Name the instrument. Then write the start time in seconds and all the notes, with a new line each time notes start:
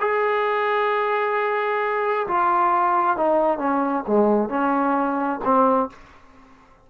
trombone
0.00 G#4
2.27 F4
3.17 D#4
3.58 C#4
4.07 G#3
4.49 C#4
5.44 C4